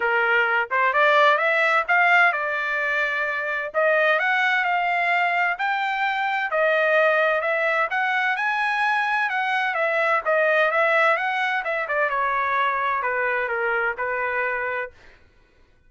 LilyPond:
\new Staff \with { instrumentName = "trumpet" } { \time 4/4 \tempo 4 = 129 ais'4. c''8 d''4 e''4 | f''4 d''2. | dis''4 fis''4 f''2 | g''2 dis''2 |
e''4 fis''4 gis''2 | fis''4 e''4 dis''4 e''4 | fis''4 e''8 d''8 cis''2 | b'4 ais'4 b'2 | }